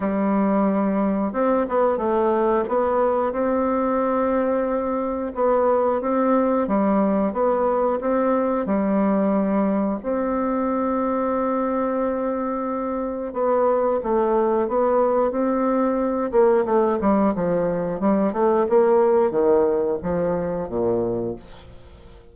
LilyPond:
\new Staff \with { instrumentName = "bassoon" } { \time 4/4 \tempo 4 = 90 g2 c'8 b8 a4 | b4 c'2. | b4 c'4 g4 b4 | c'4 g2 c'4~ |
c'1 | b4 a4 b4 c'4~ | c'8 ais8 a8 g8 f4 g8 a8 | ais4 dis4 f4 ais,4 | }